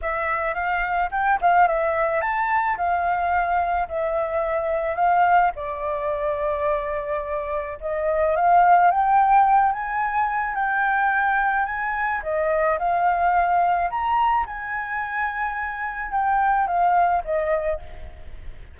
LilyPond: \new Staff \with { instrumentName = "flute" } { \time 4/4 \tempo 4 = 108 e''4 f''4 g''8 f''8 e''4 | a''4 f''2 e''4~ | e''4 f''4 d''2~ | d''2 dis''4 f''4 |
g''4. gis''4. g''4~ | g''4 gis''4 dis''4 f''4~ | f''4 ais''4 gis''2~ | gis''4 g''4 f''4 dis''4 | }